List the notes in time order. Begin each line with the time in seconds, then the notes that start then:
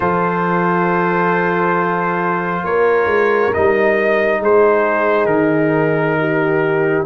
0.00 F3 F4 A4 C5
2.63 A#3 A#4 C#5
3.05 G#3
3.53 G3 D#4 D#5
4.40 G#3 G#4 C5
5.25 D#3 A#4
6.19 G4